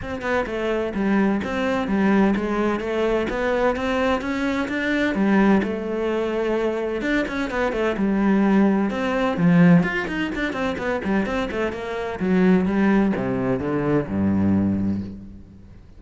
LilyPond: \new Staff \with { instrumentName = "cello" } { \time 4/4 \tempo 4 = 128 c'8 b8 a4 g4 c'4 | g4 gis4 a4 b4 | c'4 cis'4 d'4 g4 | a2. d'8 cis'8 |
b8 a8 g2 c'4 | f4 f'8 dis'8 d'8 c'8 b8 g8 | c'8 a8 ais4 fis4 g4 | c4 d4 g,2 | }